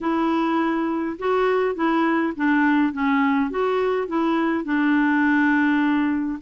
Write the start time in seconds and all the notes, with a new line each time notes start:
0.01 E4
1.18 F#4
1.75 E4
2.36 D4
2.92 C#4
3.50 F#4
4.07 E4
4.64 D4